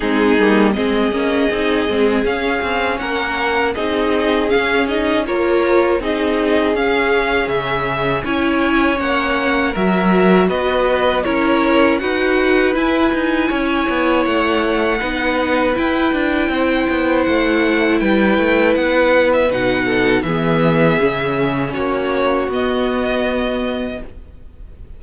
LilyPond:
<<
  \new Staff \with { instrumentName = "violin" } { \time 4/4 \tempo 4 = 80 gis'4 dis''2 f''4 | fis''4 dis''4 f''8 dis''8 cis''4 | dis''4 f''4 e''4 gis''4 | fis''4 e''4 dis''4 cis''4 |
fis''4 gis''2 fis''4~ | fis''4 g''2 fis''4 | g''4 fis''8. e''16 fis''4 e''4~ | e''4 cis''4 dis''2 | }
  \new Staff \with { instrumentName = "violin" } { \time 4/4 dis'4 gis'2. | ais'4 gis'2 ais'4 | gis'2. cis''4~ | cis''4 ais'4 b'4 ais'4 |
b'2 cis''2 | b'2 c''2 | b'2~ b'8 a'8 gis'4~ | gis'4 fis'2. | }
  \new Staff \with { instrumentName = "viola" } { \time 4/4 c'8 ais8 c'8 cis'8 dis'8 c'8 cis'4~ | cis'4 dis'4 cis'8 dis'8 f'4 | dis'4 cis'2 e'4 | cis'4 fis'2 e'4 |
fis'4 e'2. | dis'4 e'2.~ | e'2 dis'4 b4 | cis'2 b2 | }
  \new Staff \with { instrumentName = "cello" } { \time 4/4 gis8 g8 gis8 ais8 c'8 gis8 cis'8 c'8 | ais4 c'4 cis'4 ais4 | c'4 cis'4 cis4 cis'4 | ais4 fis4 b4 cis'4 |
dis'4 e'8 dis'8 cis'8 b8 a4 | b4 e'8 d'8 c'8 b8 a4 | g8 a8 b4 b,4 e4 | cis4 ais4 b2 | }
>>